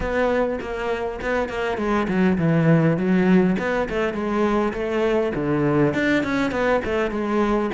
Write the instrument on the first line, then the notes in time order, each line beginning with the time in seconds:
cello
0.00 B3
0.60 A#3
1.21 B3
1.48 A#3
1.77 G#3
2.08 F#3
2.38 E3
2.97 F#3
3.58 B3
3.89 A3
4.13 G#3
4.73 A3
5.34 D3
5.94 D4
6.23 C#4
6.51 B3
6.85 A3
7.10 G#3